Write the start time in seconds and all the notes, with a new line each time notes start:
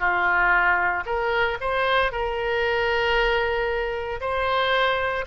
0.00 F4
1.06 A#4
1.61 C5
2.12 A#4
4.21 C5